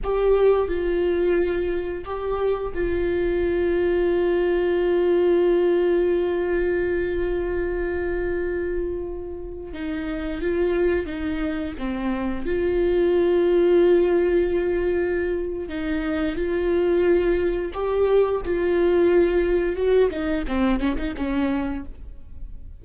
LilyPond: \new Staff \with { instrumentName = "viola" } { \time 4/4 \tempo 4 = 88 g'4 f'2 g'4 | f'1~ | f'1~ | f'2~ f'16 dis'4 f'8.~ |
f'16 dis'4 c'4 f'4.~ f'16~ | f'2. dis'4 | f'2 g'4 f'4~ | f'4 fis'8 dis'8 c'8 cis'16 dis'16 cis'4 | }